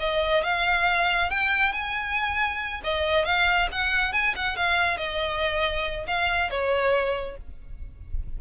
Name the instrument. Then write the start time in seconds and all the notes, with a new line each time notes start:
violin
0.00 D#5
0.43 F5
1.30 G5
1.73 G#5
2.84 D#5
3.25 F5
3.72 F#5
4.13 G#5
4.36 F#5
4.56 F5
4.97 D#5
6.07 F5
6.50 C#5